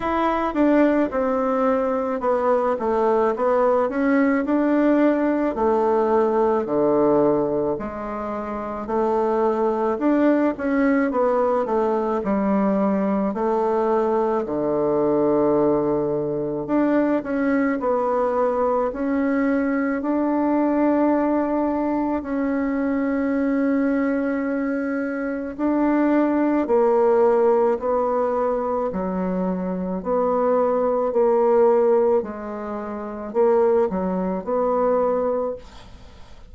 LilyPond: \new Staff \with { instrumentName = "bassoon" } { \time 4/4 \tempo 4 = 54 e'8 d'8 c'4 b8 a8 b8 cis'8 | d'4 a4 d4 gis4 | a4 d'8 cis'8 b8 a8 g4 | a4 d2 d'8 cis'8 |
b4 cis'4 d'2 | cis'2. d'4 | ais4 b4 fis4 b4 | ais4 gis4 ais8 fis8 b4 | }